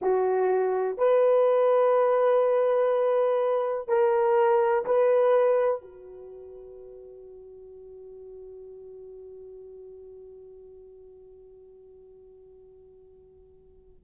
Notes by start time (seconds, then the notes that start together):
0.01 F#4
0.97 B4
3.88 A#4
4.85 B4
5.81 F#4